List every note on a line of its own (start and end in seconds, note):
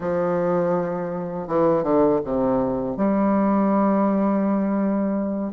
0.00 1.47 F3
1.47 1.83 E3
1.83 2.20 D3
2.24 2.96 C3
2.96 5.53 G3